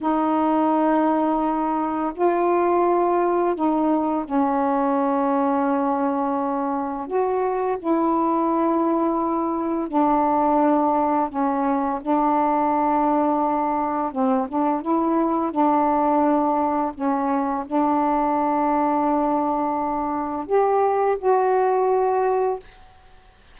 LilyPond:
\new Staff \with { instrumentName = "saxophone" } { \time 4/4 \tempo 4 = 85 dis'2. f'4~ | f'4 dis'4 cis'2~ | cis'2 fis'4 e'4~ | e'2 d'2 |
cis'4 d'2. | c'8 d'8 e'4 d'2 | cis'4 d'2.~ | d'4 g'4 fis'2 | }